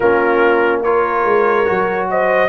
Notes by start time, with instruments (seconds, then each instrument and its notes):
0.00 tuba A#3, trombone C#4, horn F4, trumpet A#4
0.83 trombone F4, horn A#4, trumpet C#5
1.23 tuba G#3
1.65 tuba F#3, trombone F#4
2.10 horn C5, trumpet D#5